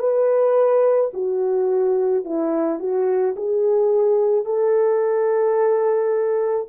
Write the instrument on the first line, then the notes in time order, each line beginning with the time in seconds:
horn
0.00 B4
1.14 F#4
2.25 E4
2.80 F#4
3.37 G#4
4.45 A4